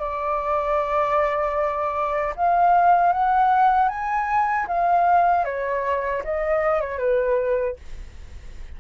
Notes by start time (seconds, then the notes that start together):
0.00 D5
2.36 F5
3.13 F#5
3.89 G#5
4.68 F5
5.45 C#5
6.25 D#5
6.81 C#5
6.98 B4